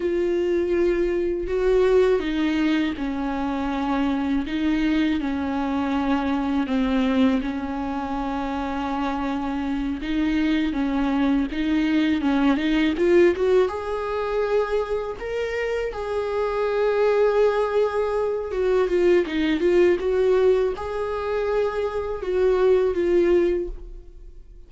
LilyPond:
\new Staff \with { instrumentName = "viola" } { \time 4/4 \tempo 4 = 81 f'2 fis'4 dis'4 | cis'2 dis'4 cis'4~ | cis'4 c'4 cis'2~ | cis'4. dis'4 cis'4 dis'8~ |
dis'8 cis'8 dis'8 f'8 fis'8 gis'4.~ | gis'8 ais'4 gis'2~ gis'8~ | gis'4 fis'8 f'8 dis'8 f'8 fis'4 | gis'2 fis'4 f'4 | }